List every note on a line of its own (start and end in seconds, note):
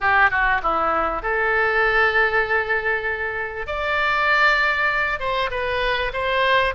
0.00 0.30 G4
0.30 0.61 F#4
0.63 1.22 E4
1.22 3.67 A4
3.67 5.19 D5
5.19 5.50 C5
5.50 6.12 B4
6.13 6.74 C5